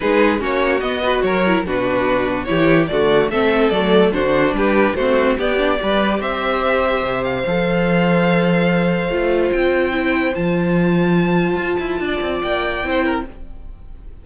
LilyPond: <<
  \new Staff \with { instrumentName = "violin" } { \time 4/4 \tempo 4 = 145 b'4 cis''4 dis''4 cis''4 | b'2 cis''4 d''4 | e''4 d''4 c''4 b'4 | c''4 d''2 e''4~ |
e''4. f''2~ f''8~ | f''2. g''4~ | g''4 a''2.~ | a''2 g''2 | }
  \new Staff \with { instrumentName = "violin" } { \time 4/4 gis'4 fis'4. b'8 ais'4 | fis'2 g'4 fis'4 | a'2 fis'4 g'4 | fis'4 g'4 b'4 c''4~ |
c''1~ | c''1~ | c''1~ | c''4 d''2 c''8 ais'8 | }
  \new Staff \with { instrumentName = "viola" } { \time 4/4 dis'4 cis'4 b8 fis'4 e'8 | d'2 e'4 a4 | c'4 a4 d'2 | c'4 b8 d'8 g'2~ |
g'2 a'2~ | a'2 f'2 | e'4 f'2.~ | f'2. e'4 | }
  \new Staff \with { instrumentName = "cello" } { \time 4/4 gis4 ais4 b4 fis4 | b,2 e4 d4 | a4 fis4 d4 g4 | a4 b4 g4 c'4~ |
c'4 c4 f2~ | f2 a4 c'4~ | c'4 f2. | f'8 e'8 d'8 c'8 ais4 c'4 | }
>>